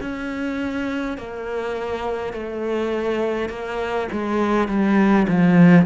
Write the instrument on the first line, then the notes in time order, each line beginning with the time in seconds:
cello
0.00 C#4
1.18 A#3
2.33 A3
3.49 A#3
4.12 G#3
4.68 G3
5.28 F3